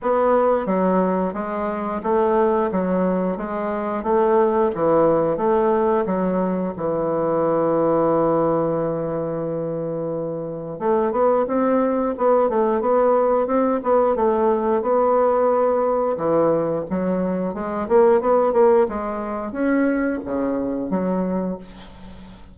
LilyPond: \new Staff \with { instrumentName = "bassoon" } { \time 4/4 \tempo 4 = 89 b4 fis4 gis4 a4 | fis4 gis4 a4 e4 | a4 fis4 e2~ | e1 |
a8 b8 c'4 b8 a8 b4 | c'8 b8 a4 b2 | e4 fis4 gis8 ais8 b8 ais8 | gis4 cis'4 cis4 fis4 | }